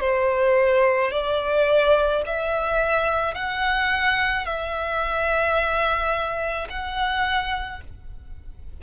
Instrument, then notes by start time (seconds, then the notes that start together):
violin
0.00 C5
1.11 D5
2.26 E5
3.34 F#5
4.45 E5
6.69 F#5